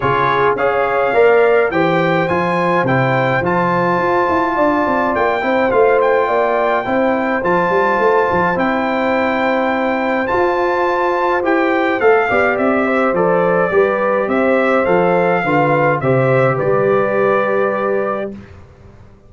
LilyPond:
<<
  \new Staff \with { instrumentName = "trumpet" } { \time 4/4 \tempo 4 = 105 cis''4 f''2 g''4 | gis''4 g''4 a''2~ | a''4 g''4 f''8 g''4.~ | g''4 a''2 g''4~ |
g''2 a''2 | g''4 f''4 e''4 d''4~ | d''4 e''4 f''2 | e''4 d''2. | }
  \new Staff \with { instrumentName = "horn" } { \time 4/4 gis'4 cis''4 d''4 c''4~ | c''1 | d''4. c''4. d''4 | c''1~ |
c''1~ | c''4. d''4 c''4. | b'4 c''2 b'4 | c''4 b'2. | }
  \new Staff \with { instrumentName = "trombone" } { \time 4/4 f'4 gis'4 ais'4 g'4 | f'4 e'4 f'2~ | f'4. e'8 f'2 | e'4 f'2 e'4~ |
e'2 f'2 | g'4 a'8 g'4. a'4 | g'2 a'4 f'4 | g'1 | }
  \new Staff \with { instrumentName = "tuba" } { \time 4/4 cis4 cis'4 ais4 e4 | f4 c4 f4 f'8 e'8 | d'8 c'8 ais8 c'8 a4 ais4 | c'4 f8 g8 a8 f8 c'4~ |
c'2 f'2 | e'4 a8 b8 c'4 f4 | g4 c'4 f4 d4 | c4 g2. | }
>>